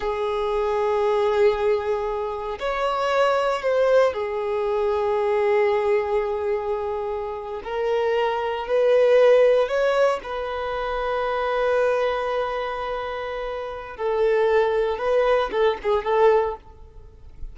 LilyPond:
\new Staff \with { instrumentName = "violin" } { \time 4/4 \tempo 4 = 116 gis'1~ | gis'4 cis''2 c''4 | gis'1~ | gis'2~ gis'8. ais'4~ ais'16~ |
ais'8. b'2 cis''4 b'16~ | b'1~ | b'2. a'4~ | a'4 b'4 a'8 gis'8 a'4 | }